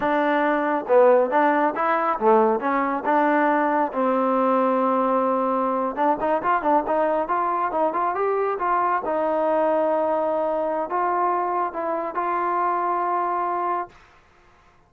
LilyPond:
\new Staff \with { instrumentName = "trombone" } { \time 4/4 \tempo 4 = 138 d'2 b4 d'4 | e'4 a4 cis'4 d'4~ | d'4 c'2.~ | c'4.~ c'16 d'8 dis'8 f'8 d'8 dis'16~ |
dis'8. f'4 dis'8 f'8 g'4 f'16~ | f'8. dis'2.~ dis'16~ | dis'4 f'2 e'4 | f'1 | }